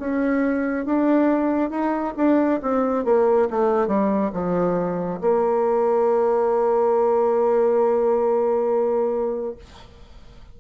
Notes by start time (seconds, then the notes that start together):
0.00 C#4
0.86 D4
1.71 D#4
2.17 D4
2.63 C4
3.05 A#3
3.51 A3
3.88 G3
4.33 F3
5.22 A#3